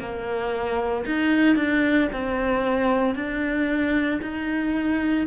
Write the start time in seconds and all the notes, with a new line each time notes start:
0.00 A#3
1.06 D#4
1.56 D4
2.13 C4
3.15 D4
4.22 D#4